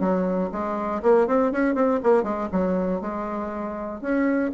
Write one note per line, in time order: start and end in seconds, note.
0.00 0.50 F#3
0.52 1.02 G#3
1.02 1.27 A#3
1.27 1.52 C4
1.52 1.75 C#4
1.75 2.00 C4
2.03 2.23 A#3
2.23 2.48 G#3
2.52 3.01 F#3
3.01 4.01 G#3
4.01 4.51 C#4